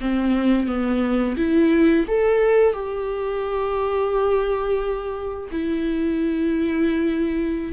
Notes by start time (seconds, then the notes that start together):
0.00 C4
0.66 B3
1.36 E4
2.07 A4
2.73 G4
5.51 E4